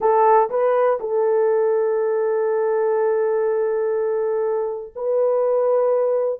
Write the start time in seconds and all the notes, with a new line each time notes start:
0.00 A4
0.50 B4
1.00 A4
4.95 B4